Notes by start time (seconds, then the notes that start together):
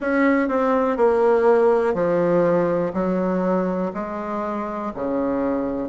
0.00 C#4
0.48 C4
0.97 A#3
1.94 F3
2.93 F#3
3.93 G#3
4.94 C#3